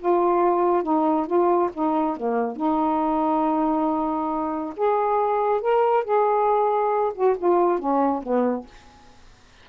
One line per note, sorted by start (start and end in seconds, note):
0.00 0.84 F4
0.84 1.27 D#4
1.27 1.71 F4
1.74 2.17 D#4
2.17 2.57 A#3
2.57 4.74 D#4
4.77 5.61 G#4
5.61 6.05 A#4
6.05 7.13 G#4
7.15 7.37 F#4
7.38 7.79 F4
7.79 8.23 C#4
8.23 8.67 B3